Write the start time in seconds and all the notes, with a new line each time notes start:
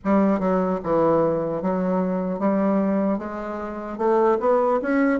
0.04 G3
0.39 F#3
0.83 E3
1.62 F#3
2.39 G3
3.18 G#3
3.97 A3
4.40 B3
4.81 C#4